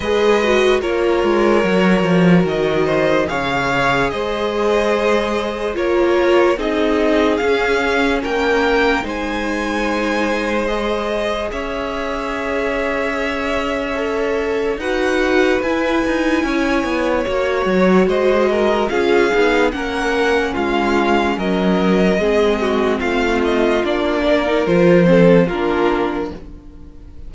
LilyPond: <<
  \new Staff \with { instrumentName = "violin" } { \time 4/4 \tempo 4 = 73 dis''4 cis''2 dis''4 | f''4 dis''2 cis''4 | dis''4 f''4 g''4 gis''4~ | gis''4 dis''4 e''2~ |
e''2 fis''4 gis''4~ | gis''4 cis''4 dis''4 f''4 | fis''4 f''4 dis''2 | f''8 dis''8 d''4 c''4 ais'4 | }
  \new Staff \with { instrumentName = "violin" } { \time 4/4 b'4 ais'2~ ais'8 c''8 | cis''4 c''2 ais'4 | gis'2 ais'4 c''4~ | c''2 cis''2~ |
cis''2 b'2 | cis''2 c''8 ais'8 gis'4 | ais'4 f'4 ais'4 gis'8 fis'8 | f'4. ais'4 a'8 f'4 | }
  \new Staff \with { instrumentName = "viola" } { \time 4/4 gis'8 fis'8 f'4 fis'2 | gis'2. f'4 | dis'4 cis'2 dis'4~ | dis'4 gis'2.~ |
gis'4 a'4 fis'4 e'4~ | e'4 fis'2 f'8 dis'8 | cis'2. c'4~ | c'4 d'8. dis'16 f'8 c'8 d'4 | }
  \new Staff \with { instrumentName = "cello" } { \time 4/4 gis4 ais8 gis8 fis8 f8 dis4 | cis4 gis2 ais4 | c'4 cis'4 ais4 gis4~ | gis2 cis'2~ |
cis'2 dis'4 e'8 dis'8 | cis'8 b8 ais8 fis8 gis4 cis'8 b8 | ais4 gis4 fis4 gis4 | a4 ais4 f4 ais4 | }
>>